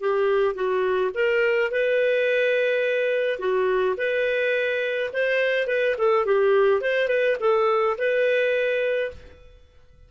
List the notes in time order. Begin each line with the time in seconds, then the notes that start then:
0.00 G4
0.54 F#4
1.14 A#4
1.71 B4
3.39 F#4
3.97 B4
5.13 C5
5.67 B4
5.98 A4
6.25 G4
6.81 C5
7.08 B4
7.40 A4
7.98 B4